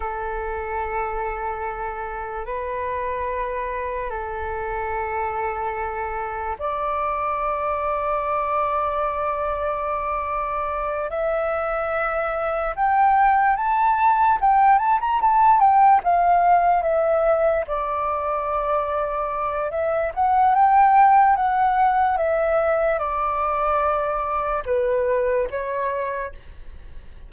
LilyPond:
\new Staff \with { instrumentName = "flute" } { \time 4/4 \tempo 4 = 73 a'2. b'4~ | b'4 a'2. | d''1~ | d''4. e''2 g''8~ |
g''8 a''4 g''8 a''16 ais''16 a''8 g''8 f''8~ | f''8 e''4 d''2~ d''8 | e''8 fis''8 g''4 fis''4 e''4 | d''2 b'4 cis''4 | }